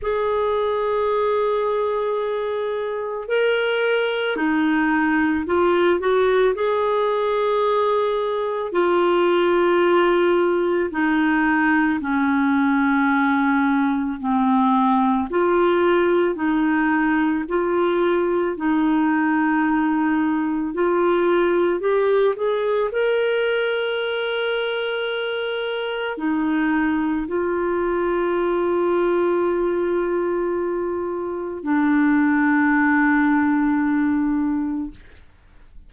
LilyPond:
\new Staff \with { instrumentName = "clarinet" } { \time 4/4 \tempo 4 = 55 gis'2. ais'4 | dis'4 f'8 fis'8 gis'2 | f'2 dis'4 cis'4~ | cis'4 c'4 f'4 dis'4 |
f'4 dis'2 f'4 | g'8 gis'8 ais'2. | dis'4 f'2.~ | f'4 d'2. | }